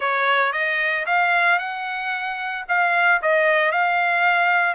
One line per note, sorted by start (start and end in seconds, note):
0.00 0.52 C#5
0.52 1.05 D#5
1.06 1.58 F5
1.58 2.65 F#5
2.68 3.21 F5
3.21 3.71 D#5
3.71 4.74 F5